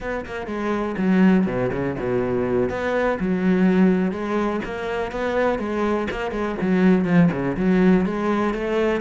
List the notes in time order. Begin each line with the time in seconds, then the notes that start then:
0.00 B3
0.25 A#3
0.46 G#3
0.97 F#3
1.46 B2
1.72 C#3
1.98 B2
2.69 B3
3.20 F#3
4.11 G#3
4.65 A#3
5.11 B3
5.59 G#3
6.11 A#3
6.31 G#3
6.61 F#3
7.05 F3
7.32 C#3
7.56 F#3
8.05 G#3
8.53 A3